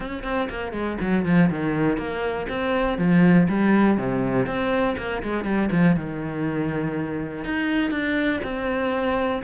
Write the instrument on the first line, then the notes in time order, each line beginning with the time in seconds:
cello
0.00 C#4
0.23 C4
0.49 A#3
0.72 G#3
1.01 F#3
1.25 F3
1.50 D#3
1.97 A#3
2.48 C4
2.98 F3
3.48 G3
3.97 C3
4.46 C4
4.97 A#3
5.22 G#3
5.44 G3
5.71 F3
5.96 D#3
7.44 D#4
7.90 D4
8.43 C4